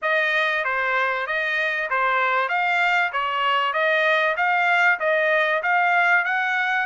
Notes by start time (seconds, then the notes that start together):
0.02 D#5
0.64 C5
1.26 D#5
1.89 C5
2.49 F5
3.12 C#5
3.73 D#5
4.36 F5
4.99 D#5
5.62 F5
6.24 F#5